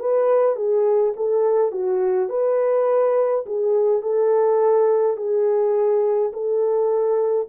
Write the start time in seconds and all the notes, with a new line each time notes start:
0.00 B4
0.57 G#4
1.17 A4
1.72 F#4
2.30 B4
3.46 G#4
4.02 A4
5.17 G#4
6.33 A4